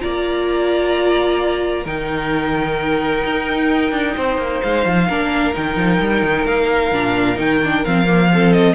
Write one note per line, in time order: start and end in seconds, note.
0.00 1.86 A#3
0.00 1.85 F4
0.00 1.84 D5
0.00 1.86 A#5
1.84 3.24 D#3
1.84 5.09 D#4
1.84 4.15 A#4
1.84 4.62 G5
3.25 3.92 D#4
3.92 4.15 D4
4.17 4.37 C4
4.17 5.08 C5
4.37 4.60 A#3
4.62 4.85 G#3
4.62 5.54 F5
4.85 5.08 F3
5.08 5.55 A#3
5.08 5.53 D4
5.08 8.31 A#4
5.53 5.77 D#3
5.53 6.92 D#4
5.53 6.46 G5
5.77 6.00 F3
6.00 6.23 G3
6.23 6.46 D#3
6.46 6.92 A#3
6.46 7.39 F5
6.92 7.38 A#2
6.92 7.36 D4
7.36 7.84 D#3
7.36 7.60 D#4
7.36 7.85 G5
7.64 7.86 D4
7.85 8.75 F3
7.85 8.06 C4
7.85 8.52 F5
8.06 8.30 A#3
8.34 8.75 C4
8.34 8.75 A4
8.52 8.75 D#5